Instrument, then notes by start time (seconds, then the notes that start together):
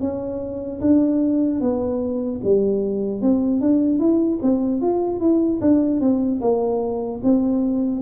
tuba
0.00 C#4
0.81 D4
1.61 B3
2.44 G3
3.21 C4
3.60 D4
3.99 E4
4.42 C4
4.81 F4
5.20 E4
5.61 D4
6.00 C4
6.41 A#3
7.23 C4